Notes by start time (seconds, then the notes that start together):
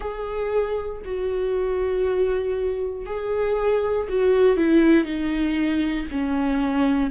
0.00 G#4
1.04 F#4
3.06 G#4
4.09 F#4
4.57 E4
5.04 D#4
6.11 C#4